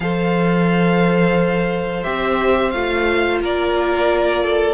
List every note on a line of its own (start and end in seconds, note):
0.00 2.04 F3
0.00 2.03 A4
0.00 3.41 C5
0.00 2.03 F5
2.03 2.74 C4
2.03 2.71 G4
2.03 2.70 E5
2.70 3.41 A3
2.70 4.74 F4
2.70 3.39 F5
3.41 4.74 A#3
3.41 4.43 A#4
3.41 4.74 D5
4.43 4.74 A4